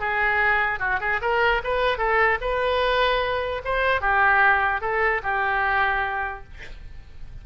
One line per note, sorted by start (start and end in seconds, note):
0.00 0.80 G#4
0.80 1.00 F#4
1.01 1.21 G#4
1.22 1.62 A#4
1.64 1.98 B4
1.98 2.38 A4
2.41 3.62 B4
3.65 4.01 C5
4.01 4.81 G4
4.81 5.22 A4
5.23 6.44 G4